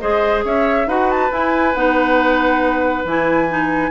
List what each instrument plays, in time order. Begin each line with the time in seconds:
0.00 bassoon G#3, clarinet G#4, oboe C5, flute D#5
0.45 bassoon C#4, oboe C#5, flute E5
0.87 bassoon D#4, clarinet F#4, oboe B4, flute F#5
1.11 flute A5
1.31 clarinet E4, bassoon E4, flute G#5
1.75 bassoon B3, clarinet D#4, flute F#5
3.05 bassoon E3, clarinet E4, flute G#5
3.49 clarinet D#4